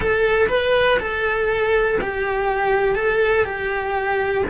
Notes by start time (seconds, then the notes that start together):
0.00 A4
0.48 B4
0.99 A4
2.01 G4
2.95 A4
3.44 G4